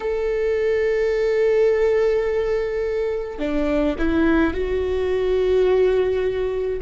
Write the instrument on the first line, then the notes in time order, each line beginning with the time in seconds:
viola
0.00 A4
3.39 D4
3.98 E4
4.53 F#4